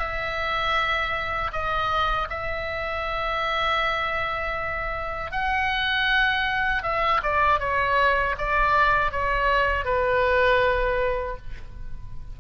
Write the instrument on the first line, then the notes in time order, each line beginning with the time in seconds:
oboe
0.00 E5
1.53 D#5
2.30 E5
5.32 F#5
6.83 E5
7.24 D5
7.60 C#5
8.39 D5
9.12 C#5
9.85 B4